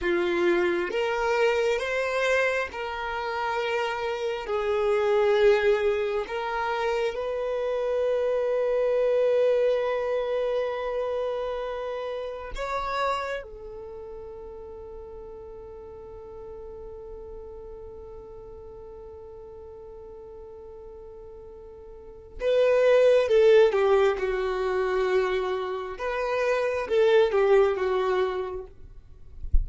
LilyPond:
\new Staff \with { instrumentName = "violin" } { \time 4/4 \tempo 4 = 67 f'4 ais'4 c''4 ais'4~ | ais'4 gis'2 ais'4 | b'1~ | b'2 cis''4 a'4~ |
a'1~ | a'1~ | a'4 b'4 a'8 g'8 fis'4~ | fis'4 b'4 a'8 g'8 fis'4 | }